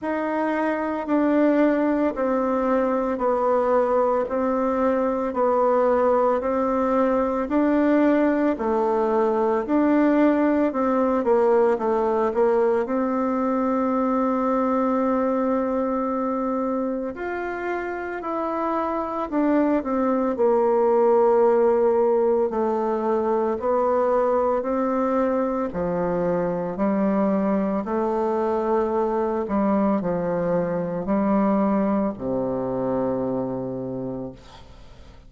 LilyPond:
\new Staff \with { instrumentName = "bassoon" } { \time 4/4 \tempo 4 = 56 dis'4 d'4 c'4 b4 | c'4 b4 c'4 d'4 | a4 d'4 c'8 ais8 a8 ais8 | c'1 |
f'4 e'4 d'8 c'8 ais4~ | ais4 a4 b4 c'4 | f4 g4 a4. g8 | f4 g4 c2 | }